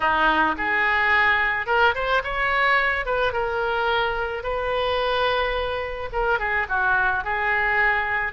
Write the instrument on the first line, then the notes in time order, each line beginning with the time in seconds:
oboe
0.00 D#4
0.57 G#4
1.66 A#4
1.94 C5
2.23 C#5
3.05 B4
3.32 A#4
4.43 B4
6.12 A#4
6.39 G#4
6.68 F#4
7.23 G#4